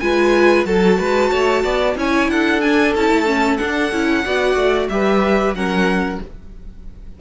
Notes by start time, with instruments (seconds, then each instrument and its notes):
0.00 cello G#3, viola F4, violin B4 G#5
0.65 cello F#3, viola F#4, violin A4 A5
0.99 cello G#3, violin B4
1.31 cello A3, violin C#5
1.64 cello B3, violin D5
1.96 cello C#4, viola E4, violin C#5 G#5
2.28 cello D4, violin A4 F#5
2.61 viola D4, violin G#5
2.95 cello C#4, viola E4, violin A5
3.10 cello A3
3.26 viola C#4
3.57 viola D4, cello D4, violin F#5
3.92 cello C#4, viola E4
4.25 cello B3, viola F#4, violin D5
4.56 cello A3
4.89 cello G3, viola G4, violin B4 E5
5.53 cello F#3, viola C#4, violin A#4 F#5